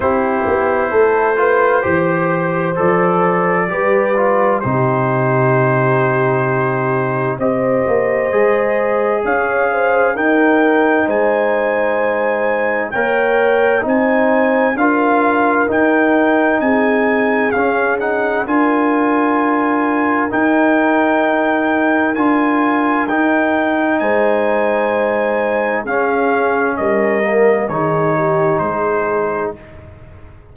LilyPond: <<
  \new Staff \with { instrumentName = "trumpet" } { \time 4/4 \tempo 4 = 65 c''2. d''4~ | d''4 c''2. | dis''2 f''4 g''4 | gis''2 g''4 gis''4 |
f''4 g''4 gis''4 f''8 fis''8 | gis''2 g''2 | gis''4 g''4 gis''2 | f''4 dis''4 cis''4 c''4 | }
  \new Staff \with { instrumentName = "horn" } { \time 4/4 g'4 a'8 b'8 c''2 | b'4 g'2. | c''2 cis''8 c''8 ais'4 | c''2 cis''4 c''4 |
ais'2 gis'2 | ais'1~ | ais'2 c''2 | gis'4 ais'4 gis'8 g'8 gis'4 | }
  \new Staff \with { instrumentName = "trombone" } { \time 4/4 e'4. f'8 g'4 a'4 | g'8 f'8 dis'2. | g'4 gis'2 dis'4~ | dis'2 ais'4 dis'4 |
f'4 dis'2 cis'8 dis'8 | f'2 dis'2 | f'4 dis'2. | cis'4. ais8 dis'2 | }
  \new Staff \with { instrumentName = "tuba" } { \time 4/4 c'8 b8 a4 e4 f4 | g4 c2. | c'8 ais8 gis4 cis'4 dis'4 | gis2 ais4 c'4 |
d'4 dis'4 c'4 cis'4 | d'2 dis'2 | d'4 dis'4 gis2 | cis'4 g4 dis4 gis4 | }
>>